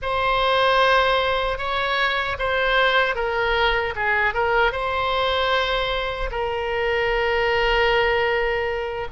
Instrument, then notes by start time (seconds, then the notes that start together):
oboe
0.02 C5
1.58 C#5
2.39 C5
3.15 A#4
3.95 G#4
4.33 A#4
4.72 C5
6.31 A#4